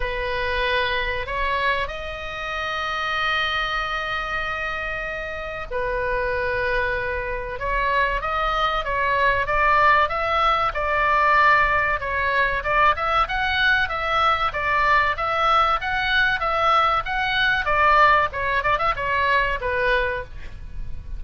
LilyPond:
\new Staff \with { instrumentName = "oboe" } { \time 4/4 \tempo 4 = 95 b'2 cis''4 dis''4~ | dis''1~ | dis''4 b'2. | cis''4 dis''4 cis''4 d''4 |
e''4 d''2 cis''4 | d''8 e''8 fis''4 e''4 d''4 | e''4 fis''4 e''4 fis''4 | d''4 cis''8 d''16 e''16 cis''4 b'4 | }